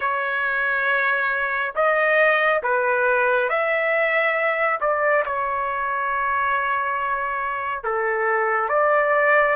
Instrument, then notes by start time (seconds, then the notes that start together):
trumpet
0.00 C#5
1.75 D#5
2.62 B4
3.49 E5
4.80 D5
5.25 C#5
7.83 A4
8.68 D5